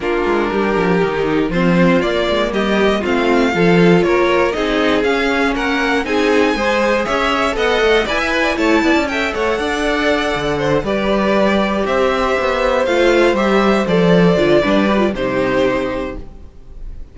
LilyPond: <<
  \new Staff \with { instrumentName = "violin" } { \time 4/4 \tempo 4 = 119 ais'2. c''4 | d''4 dis''4 f''2 | cis''4 dis''4 f''4 fis''4 | gis''2 e''4 fis''4 |
gis''4 a''4 g''8 fis''4.~ | fis''4. d''2 e''8~ | e''4. f''4 e''4 d''8~ | d''2 c''2 | }
  \new Staff \with { instrumentName = "violin" } { \time 4/4 f'4 g'2 f'4~ | f'4 g'4 f'4 a'4 | ais'4 gis'2 ais'4 | gis'4 c''4 cis''4 dis''4 |
d''16 e''16 b'16 d''16 cis''8 d''8 e''8 cis''8 d''4~ | d''4 c''8 b'2 c''8~ | c''1~ | c''4 b'4 g'2 | }
  \new Staff \with { instrumentName = "viola" } { \time 4/4 d'2 dis'4 c'4 | ais2 c'4 f'4~ | f'4 dis'4 cis'2 | dis'4 gis'2 a'4 |
b'4 e'4 a'2~ | a'4. g'2~ g'8~ | g'4. f'4 g'4 a'8~ | a'8 f'8 d'8 g'16 f'16 dis'2 | }
  \new Staff \with { instrumentName = "cello" } { \time 4/4 ais8 gis8 g8 f8 dis4 f4 | ais8 gis8 g4 a4 f4 | ais4 c'4 cis'4 ais4 | c'4 gis4 cis'4 b8 a8 |
e'4 a8 b16 cis'8. a8 d'4~ | d'8 d4 g2 c'8~ | c'8 b4 a4 g4 f8~ | f8 d8 g4 c2 | }
>>